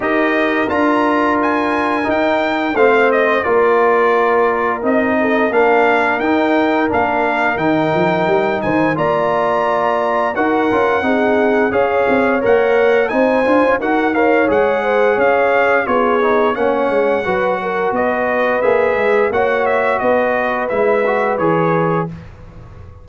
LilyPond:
<<
  \new Staff \with { instrumentName = "trumpet" } { \time 4/4 \tempo 4 = 87 dis''4 ais''4 gis''4 g''4 | f''8 dis''8 d''2 dis''4 | f''4 g''4 f''4 g''4~ | g''8 gis''8 ais''2 fis''4~ |
fis''4 f''4 fis''4 gis''4 | fis''8 f''8 fis''4 f''4 cis''4 | fis''2 dis''4 e''4 | fis''8 e''8 dis''4 e''4 cis''4 | }
  \new Staff \with { instrumentName = "horn" } { \time 4/4 ais'1 | c''4 ais'2~ ais'8 a'8 | ais'1~ | ais'8 c''8 d''2 ais'4 |
gis'4 cis''2 c''4 | ais'8 cis''4 c''8 cis''4 gis'4 | cis''4 b'8 ais'8 b'2 | cis''4 b'2. | }
  \new Staff \with { instrumentName = "trombone" } { \time 4/4 g'4 f'2 dis'4 | c'4 f'2 dis'4 | d'4 dis'4 d'4 dis'4~ | dis'4 f'2 fis'8 f'8 |
dis'4 gis'4 ais'4 dis'8 f'8 | fis'8 ais'8 gis'2 f'8 dis'8 | cis'4 fis'2 gis'4 | fis'2 e'8 fis'8 gis'4 | }
  \new Staff \with { instrumentName = "tuba" } { \time 4/4 dis'4 d'2 dis'4 | a4 ais2 c'4 | ais4 dis'4 ais4 dis8 f8 | g8 dis8 ais2 dis'8 cis'8 |
c'4 cis'8 c'8 ais4 c'8 d'16 cis'16 | dis'4 gis4 cis'4 b4 | ais8 gis8 fis4 b4 ais8 gis8 | ais4 b4 gis4 e4 | }
>>